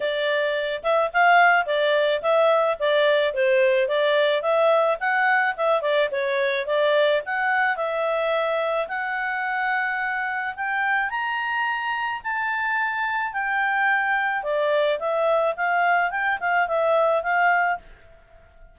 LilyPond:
\new Staff \with { instrumentName = "clarinet" } { \time 4/4 \tempo 4 = 108 d''4. e''8 f''4 d''4 | e''4 d''4 c''4 d''4 | e''4 fis''4 e''8 d''8 cis''4 | d''4 fis''4 e''2 |
fis''2. g''4 | ais''2 a''2 | g''2 d''4 e''4 | f''4 g''8 f''8 e''4 f''4 | }